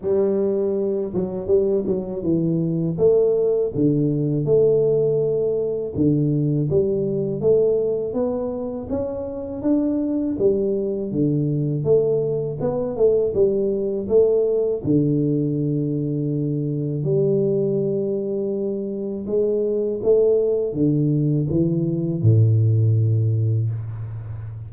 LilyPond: \new Staff \with { instrumentName = "tuba" } { \time 4/4 \tempo 4 = 81 g4. fis8 g8 fis8 e4 | a4 d4 a2 | d4 g4 a4 b4 | cis'4 d'4 g4 d4 |
a4 b8 a8 g4 a4 | d2. g4~ | g2 gis4 a4 | d4 e4 a,2 | }